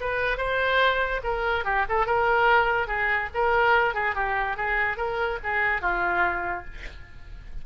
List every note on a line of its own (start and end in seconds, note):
0.00 0.37 B4
0.37 1.21 C5
1.23 1.65 A#4
1.65 1.85 G4
1.89 2.06 A4
2.06 2.87 A#4
2.87 3.29 G#4
3.34 3.94 A#4
3.94 4.15 G#4
4.15 4.57 G4
4.57 4.97 G#4
4.97 5.38 A#4
5.43 5.81 G#4
5.81 6.65 F4